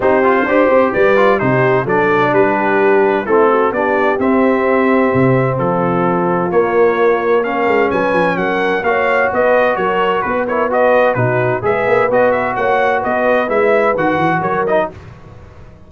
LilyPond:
<<
  \new Staff \with { instrumentName = "trumpet" } { \time 4/4 \tempo 4 = 129 c''2 d''4 c''4 | d''4 b'2 a'4 | d''4 e''2. | a'2 cis''2 |
f''4 gis''4 fis''4 f''4 | dis''4 cis''4 b'8 cis''8 dis''4 | b'4 e''4 dis''8 e''8 fis''4 | dis''4 e''4 fis''4 cis''8 dis''8 | }
  \new Staff \with { instrumentName = "horn" } { \time 4/4 g'4 c''4 b'4 g'4 | a'4 g'2 e'8 fis'8 | g'1 | f'1 |
ais'4 b'4 ais'4 cis''4 | b'4 ais'4 b'8 ais'8 b'4 | fis'4 b'2 cis''4 | b'2. ais'4 | }
  \new Staff \with { instrumentName = "trombone" } { \time 4/4 dis'8 f'8 g'4. f'8 dis'4 | d'2. c'4 | d'4 c'2.~ | c'2 ais2 |
cis'2. fis'4~ | fis'2~ fis'8 e'8 fis'4 | dis'4 gis'4 fis'2~ | fis'4 e'4 fis'4. dis'8 | }
  \new Staff \with { instrumentName = "tuba" } { \time 4/4 c'4 d'8 c'8 g4 c4 | fis4 g2 a4 | b4 c'2 c4 | f2 ais2~ |
ais8 gis8 fis8 f8 fis4 ais4 | b4 fis4 b2 | b,4 gis8 ais8 b4 ais4 | b4 gis4 dis8 e8 fis4 | }
>>